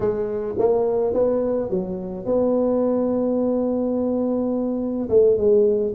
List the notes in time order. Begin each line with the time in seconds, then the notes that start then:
0.00 G#3
0.58 A#3
1.13 B3
1.70 F#3
2.25 B3
5.09 A3
5.37 G#3